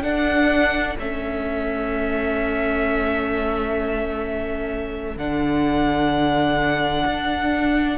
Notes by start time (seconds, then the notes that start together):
0.00 D4 A4 F#5
0.98 A3 C#4 E5
5.16 D3 D4 F#5
7.05 D4